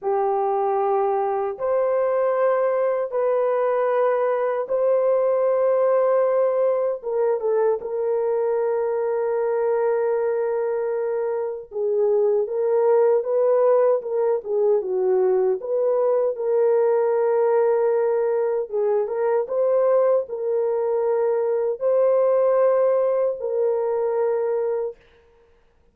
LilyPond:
\new Staff \with { instrumentName = "horn" } { \time 4/4 \tempo 4 = 77 g'2 c''2 | b'2 c''2~ | c''4 ais'8 a'8 ais'2~ | ais'2. gis'4 |
ais'4 b'4 ais'8 gis'8 fis'4 | b'4 ais'2. | gis'8 ais'8 c''4 ais'2 | c''2 ais'2 | }